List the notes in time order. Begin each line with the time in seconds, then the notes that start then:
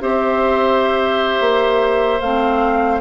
0.00 C4 G4 C5 E5
1.40 A#3
2.20 A3 C4 F5